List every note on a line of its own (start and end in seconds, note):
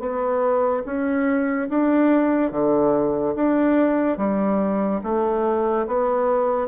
0.00 0.83 B3
0.86 1.69 C#4
1.70 2.52 D4
2.52 3.35 D3
3.36 4.18 D4
4.18 5.01 G3
5.04 5.87 A3
5.87 6.68 B3